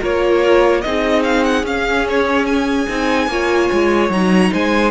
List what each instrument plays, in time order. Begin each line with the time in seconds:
0.00 cello A#3, viola F4, violin A#4 C#5
0.81 cello C4, viola D#4, violin G#4 D#5
1.23 violin F5
1.44 violin F#5
1.63 cello C#4, viola C#4, violin F5
2.09 violin C#5
2.46 violin G#5
2.89 cello C4, viola D#4
3.27 cello A#3, viola F4, violin C#5
3.73 cello G#3
4.10 cello F#3, viola D#4, violin A#5
4.52 cello G#3, violin C5 G#5